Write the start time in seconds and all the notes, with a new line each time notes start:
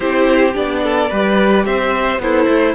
0.00 C4 E4 G4 C5
0.53 B3 D4 D5
0.83 A4
1.09 G3 G4 B4
1.65 C4 C5 E5
2.18 B3 E4 A4 C5
2.47 A3